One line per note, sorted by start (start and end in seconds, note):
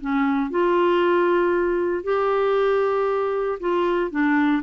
0.00 0.50 C#4
0.50 2.03 F4
2.03 3.59 G4
3.60 4.11 F4
4.11 4.62 D4